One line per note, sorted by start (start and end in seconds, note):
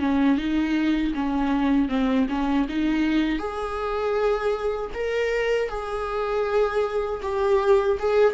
0.00 0.38 C#4
0.38 1.14 D#4
1.15 1.89 C#4
1.89 2.27 C4
2.30 2.68 C#4
2.69 3.39 D#4
3.39 4.91 G#4
4.94 5.69 A#4
5.69 7.21 G#4
7.23 7.99 G4
8.00 8.34 G#4